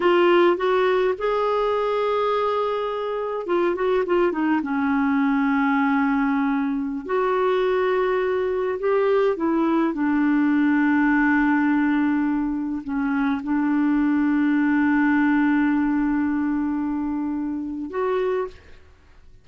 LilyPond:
\new Staff \with { instrumentName = "clarinet" } { \time 4/4 \tempo 4 = 104 f'4 fis'4 gis'2~ | gis'2 f'8 fis'8 f'8 dis'8 | cis'1~ | cis'16 fis'2. g'8.~ |
g'16 e'4 d'2~ d'8.~ | d'2~ d'16 cis'4 d'8.~ | d'1~ | d'2. fis'4 | }